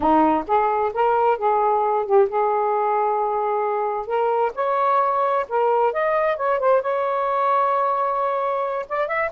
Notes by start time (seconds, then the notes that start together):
0.00 D#4
0.47 G#4
0.93 A#4
1.38 G#4
2.05 G4
2.29 G#4
4.06 A#4
4.55 C#5
5.48 A#4
5.92 D#5
6.36 C#5
6.59 C5
6.81 C#5
8.88 D5
9.07 E5